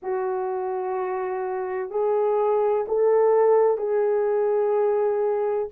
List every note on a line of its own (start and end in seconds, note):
0.02 1.90 F#4
1.90 2.85 G#4
2.88 3.77 A4
3.77 5.68 G#4